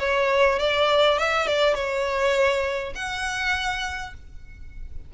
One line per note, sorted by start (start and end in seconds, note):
0.00 0.59 C#5
0.60 1.19 D5
1.19 1.47 E5
1.47 1.75 D5
1.75 2.94 C#5
2.95 4.14 F#5